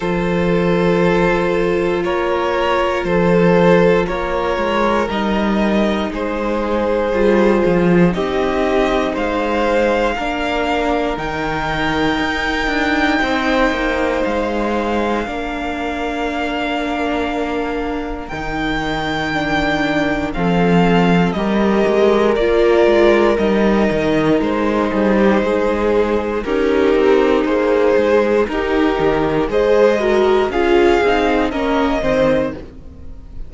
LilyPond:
<<
  \new Staff \with { instrumentName = "violin" } { \time 4/4 \tempo 4 = 59 c''2 cis''4 c''4 | cis''4 dis''4 c''2 | dis''4 f''2 g''4~ | g''2 f''2~ |
f''2 g''2 | f''4 dis''4 d''4 dis''4 | c''2 ais'4 c''4 | ais'4 dis''4 f''4 dis''4 | }
  \new Staff \with { instrumentName = "violin" } { \time 4/4 a'2 ais'4 a'4 | ais'2 gis'2 | g'4 c''4 ais'2~ | ais'4 c''2 ais'4~ |
ais'1 | a'4 ais'2.~ | ais'8 gis'16 g'16 gis'4 dis'2 | g'4 c''8 ais'8 gis'4 ais'8 c''8 | }
  \new Staff \with { instrumentName = "viola" } { \time 4/4 f'1~ | f'4 dis'2 f'4 | dis'2 d'4 dis'4~ | dis'2. d'4~ |
d'2 dis'4 d'4 | c'4 g'4 f'4 dis'4~ | dis'2 g'4 gis'4 | dis'4 gis'8 fis'8 f'8 dis'8 cis'8 c'8 | }
  \new Staff \with { instrumentName = "cello" } { \time 4/4 f2 ais4 f4 | ais8 gis8 g4 gis4 g8 f8 | c'4 gis4 ais4 dis4 | dis'8 d'8 c'8 ais8 gis4 ais4~ |
ais2 dis2 | f4 g8 gis8 ais8 gis8 g8 dis8 | gis8 g8 gis4 cis'8 c'8 ais8 gis8 | dis'8 dis8 gis4 cis'8 c'8 ais8 dis8 | }
>>